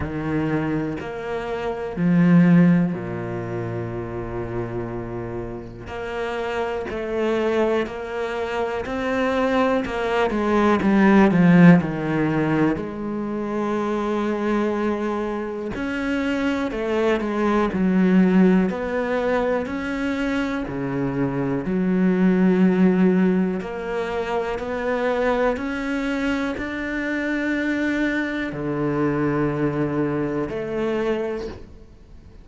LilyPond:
\new Staff \with { instrumentName = "cello" } { \time 4/4 \tempo 4 = 61 dis4 ais4 f4 ais,4~ | ais,2 ais4 a4 | ais4 c'4 ais8 gis8 g8 f8 | dis4 gis2. |
cis'4 a8 gis8 fis4 b4 | cis'4 cis4 fis2 | ais4 b4 cis'4 d'4~ | d'4 d2 a4 | }